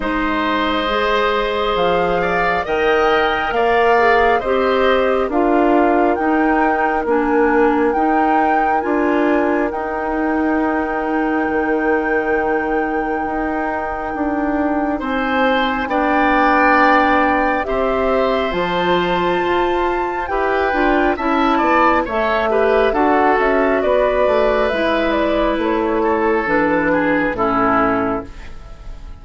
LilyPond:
<<
  \new Staff \with { instrumentName = "flute" } { \time 4/4 \tempo 4 = 68 dis''2 f''4 g''4 | f''4 dis''4 f''4 g''4 | gis''4 g''4 gis''4 g''4~ | g''1~ |
g''4 gis''4 g''2 | e''4 a''2 g''4 | a''4 e''4 fis''8 e''8 d''4 | e''8 d''8 cis''4 b'4 a'4 | }
  \new Staff \with { instrumentName = "oboe" } { \time 4/4 c''2~ c''8 d''8 dis''4 | d''4 c''4 ais'2~ | ais'1~ | ais'1~ |
ais'4 c''4 d''2 | c''2. b'4 | e''8 d''8 cis''8 b'8 a'4 b'4~ | b'4. a'4 gis'8 e'4 | }
  \new Staff \with { instrumentName = "clarinet" } { \time 4/4 dis'4 gis'2 ais'4~ | ais'8 gis'8 g'4 f'4 dis'4 | d'4 dis'4 f'4 dis'4~ | dis'1~ |
dis'2 d'2 | g'4 f'2 g'8 f'8 | e'4 a'8 g'8 fis'2 | e'2 d'4 cis'4 | }
  \new Staff \with { instrumentName = "bassoon" } { \time 4/4 gis2 f4 dis4 | ais4 c'4 d'4 dis'4 | ais4 dis'4 d'4 dis'4~ | dis'4 dis2 dis'4 |
d'4 c'4 b2 | c'4 f4 f'4 e'8 d'8 | cis'8 b8 a4 d'8 cis'8 b8 a8 | gis4 a4 e4 a,4 | }
>>